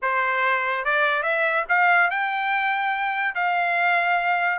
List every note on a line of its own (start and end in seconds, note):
0.02 0.84 C5
0.84 1.23 D5
1.23 1.64 E5
1.68 2.10 F5
2.10 3.34 G5
3.34 4.58 F5